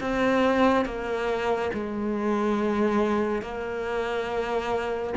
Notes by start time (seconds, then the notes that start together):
0.00 C4
0.85 A#3
1.73 G#3
3.42 A#3